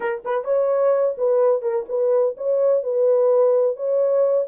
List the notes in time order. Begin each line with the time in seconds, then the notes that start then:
0.00 A#4
0.24 B4
0.44 C#5
1.17 B4
1.62 A#4
1.88 B4
2.37 C#5
2.83 B4
3.76 C#5